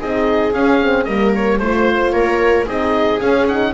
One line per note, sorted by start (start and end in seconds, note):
0.00 0.54 C4
0.00 0.54 D#4
0.00 1.07 G#4
0.00 0.54 D#5
0.54 1.06 C#4
0.54 0.81 C#4
0.54 1.05 F5
0.81 1.07 C4
1.05 1.60 G3
1.05 1.61 A#3
1.05 1.60 A#4
1.05 1.32 D#5
1.35 1.59 C#5
1.59 2.13 A3
1.59 2.68 F4
1.59 2.12 C5
1.59 2.13 C5
2.12 2.67 A#3
2.12 2.67 A#4
2.12 2.66 C#5
2.67 3.21 C4
2.67 3.20 D#4
2.67 3.74 G#4
2.67 3.21 D#5
3.20 3.47 C#4
3.20 3.75 C#4
3.20 3.48 F5
3.48 3.75 D#4
3.48 3.75 F#5